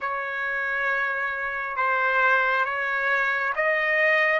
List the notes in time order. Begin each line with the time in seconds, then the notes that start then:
0.00 C#5
1.76 C5
2.65 C#5
3.55 D#5